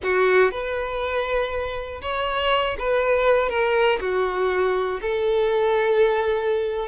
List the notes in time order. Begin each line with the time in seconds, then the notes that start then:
0.03 F#4
0.51 B4
2.01 C#5
2.78 B4
3.49 A#4
4.00 F#4
5.01 A4